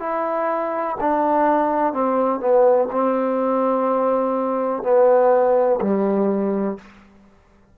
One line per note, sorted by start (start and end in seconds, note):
0.00 0.97 E4
1.01 1.94 D4
1.94 2.40 C4
2.40 2.89 B3
2.92 4.83 C4
4.83 5.80 B3
5.82 6.78 G3